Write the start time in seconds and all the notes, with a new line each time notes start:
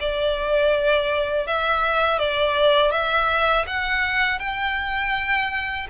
0.00 D5
1.47 E5
2.19 D5
2.92 E5
3.67 F#5
4.39 G5